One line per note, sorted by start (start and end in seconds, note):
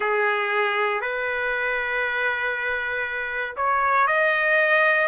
0.00 1.01 G#4
1.01 3.55 B4
3.56 4.07 C#5
4.07 5.08 D#5